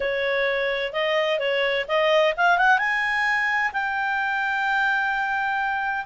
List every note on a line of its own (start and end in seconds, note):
0.00 0.92 C#5
0.92 1.39 D#5
1.39 1.85 C#5
1.88 2.34 D#5
2.36 2.58 F5
2.58 2.78 F#5
2.78 3.71 G#5
3.73 6.05 G5